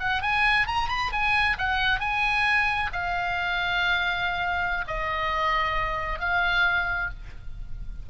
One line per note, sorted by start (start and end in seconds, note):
0.00 0.22 F#5
0.22 0.67 G#5
0.67 0.89 A#5
0.89 1.12 B5
1.12 1.57 G#5
1.59 2.00 F#5
2.00 2.91 G#5
2.93 4.85 F5
4.88 6.20 D#5
6.20 7.10 F5